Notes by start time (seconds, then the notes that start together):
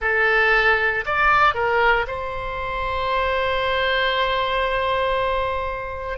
0.01 A4
1.05 D5
1.54 A#4
2.07 C5